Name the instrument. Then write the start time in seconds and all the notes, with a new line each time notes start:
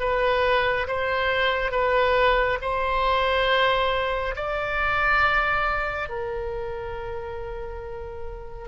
oboe
0.00 B4
0.87 C5
1.72 B4
2.61 C5
4.36 D5
6.09 A#4